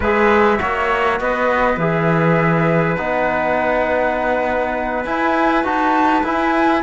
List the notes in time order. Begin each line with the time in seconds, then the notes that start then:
0.00 G#3 G#4 B4 E5
0.57 A#3 F#4 C#5
1.19 B3 B4 D#5
1.77 E3 G#4 E5
2.95 B3 D#4 F#5
5.05 E4 G#5
5.63 D#4 F#4 A5
6.23 E4 G#5